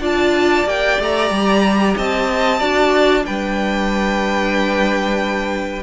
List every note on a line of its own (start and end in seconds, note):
0.00 0.65 D4
0.00 0.65 F4
0.00 1.95 D5
0.00 0.68 A5
0.65 0.97 A#3
0.65 2.59 G4
0.65 1.01 G5
0.99 1.30 A3
0.99 1.97 A#5
1.30 1.95 G3
1.97 2.61 C4
1.97 2.59 D#5
1.97 3.25 A5
2.59 3.25 D4
2.59 3.22 F#4
2.59 3.23 D5
3.22 5.83 G3
3.22 5.81 D4
3.22 5.83 B4
3.22 5.83 G5